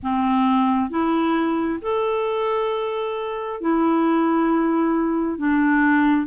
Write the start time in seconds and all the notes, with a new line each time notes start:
0.02 C4
0.90 E4
1.82 A4
3.61 E4
5.38 D4